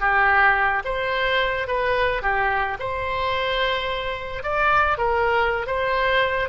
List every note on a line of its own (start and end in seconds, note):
0.00 0.83 G4
0.84 1.67 C5
1.67 2.22 B4
2.22 2.77 G4
2.79 4.43 C5
4.43 4.97 D5
4.97 5.66 A#4
5.66 6.49 C5